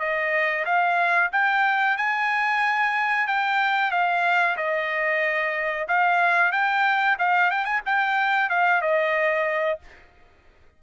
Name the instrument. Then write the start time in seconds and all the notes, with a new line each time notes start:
trumpet
0.00 D#5
0.66 F5
1.32 G5
1.97 G#5
3.28 G5
3.92 F5
4.57 D#5
5.88 F5
6.52 G5
7.19 F5
7.51 G5
7.65 G#5
7.86 G5
8.50 F5
8.82 D#5